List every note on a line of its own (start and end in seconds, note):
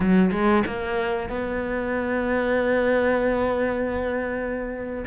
0.00 0.31 F#3
0.31 0.63 G#3
0.66 1.29 A#3
1.29 5.04 B3